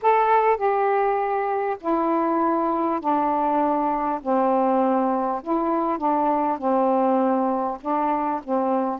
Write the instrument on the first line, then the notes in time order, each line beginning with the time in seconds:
saxophone
0.02 A4
0.56 G4
1.80 E4
3.00 D4
4.22 C4
5.42 E4
5.98 D4
6.58 C4
7.81 D4
8.43 C4